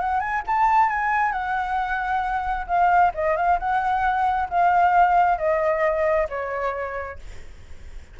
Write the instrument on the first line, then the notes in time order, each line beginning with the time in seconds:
flute
0.00 F#5
0.20 G#5
0.47 A5
0.89 G#5
1.32 F#5
2.67 F5
3.14 D#5
3.37 F5
3.59 F#5
4.50 F5
5.38 D#5
6.29 C#5